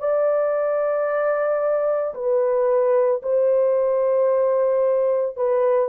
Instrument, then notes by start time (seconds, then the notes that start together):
horn
0.00 D5
2.15 B4
3.23 C5
5.37 B4